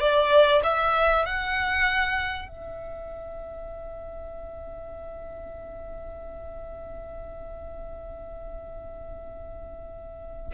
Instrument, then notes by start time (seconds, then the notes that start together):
violin
0.00 D5
0.64 E5
1.26 F#5
2.48 E5